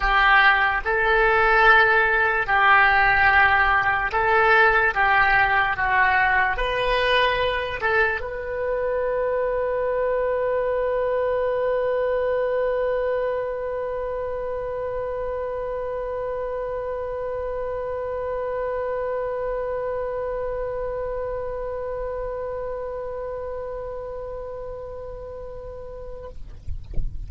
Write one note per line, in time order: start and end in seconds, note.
0.00 0.81 G4
0.84 2.47 A4
2.47 4.11 G4
4.11 4.94 A4
4.94 5.76 G4
5.76 6.56 F#4
6.56 7.80 B4
7.81 8.20 A4
8.20 26.29 B4